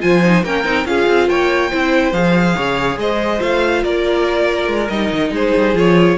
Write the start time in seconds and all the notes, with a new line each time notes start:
0.00 F3 F4 C5 G#5
0.23 D#4
0.43 A#3 C#4 A#4 G5
0.64 C4 D#4
0.85 C#4 F4 G#4 F5
1.08 C4
1.29 A#3 C#5 G5
1.70 C4 E4 C5
2.12 F3 G#4 F5
2.55 C#3 C#5
2.97 G#3 C5 D#5
3.38 A3 F4 F5
3.83 A#3 A#4 D5
4.67 G#3
4.89 G3 D#4 D#5
5.11 D#3
5.31 G#3 G#4 C5
5.57 G3
5.74 F3 F4 C#5